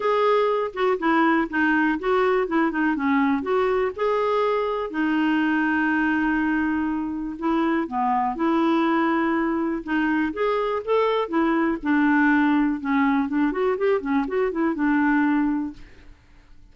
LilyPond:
\new Staff \with { instrumentName = "clarinet" } { \time 4/4 \tempo 4 = 122 gis'4. fis'8 e'4 dis'4 | fis'4 e'8 dis'8 cis'4 fis'4 | gis'2 dis'2~ | dis'2. e'4 |
b4 e'2. | dis'4 gis'4 a'4 e'4 | d'2 cis'4 d'8 fis'8 | g'8 cis'8 fis'8 e'8 d'2 | }